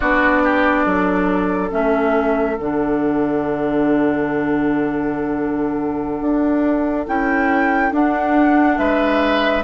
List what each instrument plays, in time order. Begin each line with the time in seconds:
0.00 bassoon B3, clarinet D4, oboe F#4, flute D5
0.44 oboe G4
0.85 bassoon F#3, oboe A4
1.70 bassoon A3, clarinet C#4, flute E5
2.57 bassoon D3, clarinet D4, flute F#5
6.20 bassoon D4
7.06 bassoon C#4, clarinet E4, flute G5
7.91 bassoon D4, clarinet D4, flute F#5
8.77 bassoon G#3, oboe B4, flute E5